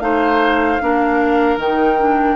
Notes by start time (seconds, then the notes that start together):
0.00 A3 D#4 C5 F5
0.81 A#3 D4 A#4
1.57 D#3 D#4 G5
1.99 D4